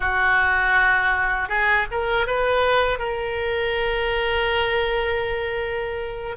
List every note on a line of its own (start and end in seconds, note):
0.00 1.49 F#4
1.49 1.86 G#4
1.91 2.26 A#4
2.26 2.98 B4
2.98 6.36 A#4